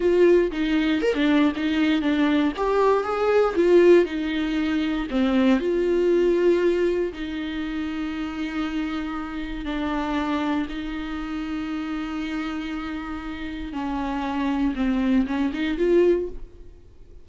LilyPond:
\new Staff \with { instrumentName = "viola" } { \time 4/4 \tempo 4 = 118 f'4 dis'4 ais'16 d'8. dis'4 | d'4 g'4 gis'4 f'4 | dis'2 c'4 f'4~ | f'2 dis'2~ |
dis'2. d'4~ | d'4 dis'2.~ | dis'2. cis'4~ | cis'4 c'4 cis'8 dis'8 f'4 | }